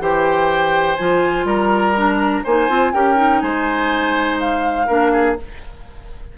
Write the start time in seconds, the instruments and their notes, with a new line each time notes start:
0.00 bassoon E3, clarinet G4, oboe C5, flute G5
0.95 bassoon F3, clarinet F4, flute G#5
1.44 bassoon G3, oboe A#4, flute A#5
1.96 clarinet D4
2.44 bassoon A#3, clarinet D#4, oboe C5, flute G#5
2.69 bassoon C4, clarinet F4
2.93 bassoon C#4, clarinet G4, oboe A#4, flute G5
3.16 clarinet D#4
3.41 bassoon G#3, oboe C5, flute G#5
4.40 flute F5
4.87 bassoon A#3, clarinet D4, oboe A#4
5.12 oboe G#4